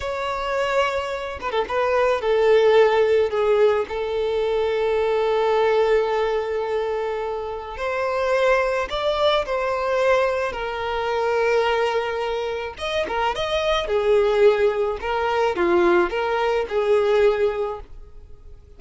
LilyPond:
\new Staff \with { instrumentName = "violin" } { \time 4/4 \tempo 4 = 108 cis''2~ cis''8 b'16 a'16 b'4 | a'2 gis'4 a'4~ | a'1~ | a'2 c''2 |
d''4 c''2 ais'4~ | ais'2. dis''8 ais'8 | dis''4 gis'2 ais'4 | f'4 ais'4 gis'2 | }